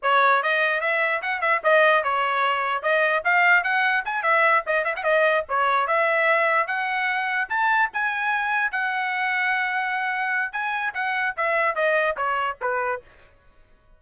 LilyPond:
\new Staff \with { instrumentName = "trumpet" } { \time 4/4 \tempo 4 = 148 cis''4 dis''4 e''4 fis''8 e''8 | dis''4 cis''2 dis''4 | f''4 fis''4 gis''8 e''4 dis''8 | e''16 fis''16 dis''4 cis''4 e''4.~ |
e''8 fis''2 a''4 gis''8~ | gis''4. fis''2~ fis''8~ | fis''2 gis''4 fis''4 | e''4 dis''4 cis''4 b'4 | }